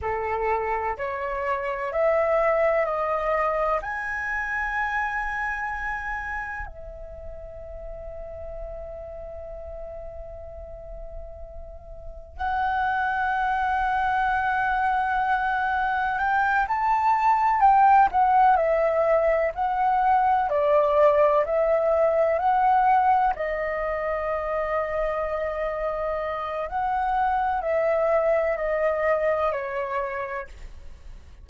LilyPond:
\new Staff \with { instrumentName = "flute" } { \time 4/4 \tempo 4 = 63 a'4 cis''4 e''4 dis''4 | gis''2. e''4~ | e''1~ | e''4 fis''2.~ |
fis''4 g''8 a''4 g''8 fis''8 e''8~ | e''8 fis''4 d''4 e''4 fis''8~ | fis''8 dis''2.~ dis''8 | fis''4 e''4 dis''4 cis''4 | }